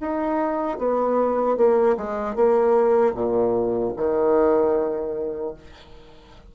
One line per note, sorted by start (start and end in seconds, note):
0.00 0.78 D#4
0.78 1.57 B3
1.57 1.96 A#3
1.97 2.35 G#3
2.35 3.14 A#3
3.14 3.93 A#2
3.96 5.54 D#3